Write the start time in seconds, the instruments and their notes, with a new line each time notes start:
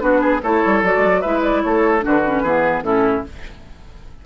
0.00 bassoon B3, clarinet D4, oboe F#4, flute B4
0.21 oboe G#4
0.43 bassoon A3, clarinet E4, oboe A4, flute C#5
0.66 bassoon G3
0.83 bassoon F#3, clarinet F#4, flute D5
0.98 bassoon G#3
1.05 bassoon F#3
1.22 bassoon G#3, clarinet E4, oboe B4, flute E5
1.43 flute D5
1.63 bassoon A3, oboe A4, flute C#5
2.00 bassoon D3, clarinet D4, oboe F#4
2.08 flute B4
2.26 clarinet C#4
2.43 bassoon E3, clarinet B3, oboe G#4
2.83 bassoon A2, clarinet C#4, oboe E4, flute A4